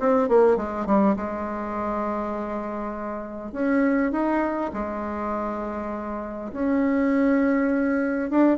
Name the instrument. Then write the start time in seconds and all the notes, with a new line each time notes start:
bassoon
0.00 C4
0.29 A#3
0.57 G#3
0.86 G3
1.17 G#3
3.53 C#4
4.12 D#4
4.74 G#3
6.53 C#4
8.30 D4